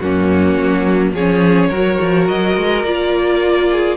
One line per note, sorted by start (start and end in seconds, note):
0.00 0.58 F#2
0.00 1.17 A#3
0.00 1.14 C#4
0.00 1.13 F#4
0.58 1.13 F#3
1.13 1.70 F3
1.13 1.73 C#4
1.13 1.70 G#4
1.13 2.29 C#5
1.70 1.99 F#3
1.70 2.86 F#4
1.70 3.68 A#4
2.01 2.29 F3
2.29 2.57 F#3
2.29 2.84 D#5
2.57 2.84 G#3
2.84 3.97 A#3
2.84 3.98 F4
2.84 3.98 D5
3.72 3.98 G#4